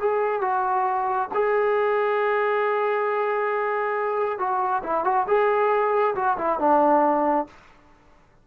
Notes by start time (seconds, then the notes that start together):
0.00 G#4
0.42 F#4
1.34 G#4
4.39 F#4
4.83 E4
5.05 F#4
5.27 G#4
6.16 F#4
6.38 E4
6.60 D4